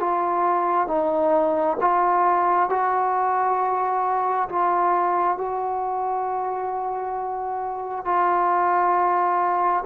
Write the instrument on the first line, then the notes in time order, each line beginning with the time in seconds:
trombone
0.00 F4
0.88 D#4
1.81 F4
2.69 F#4
4.49 F4
5.37 F#4
8.05 F4